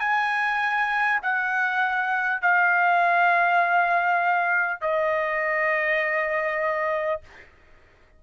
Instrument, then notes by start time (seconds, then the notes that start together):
trumpet
0.00 G#5
1.23 F#5
2.42 F5
4.82 D#5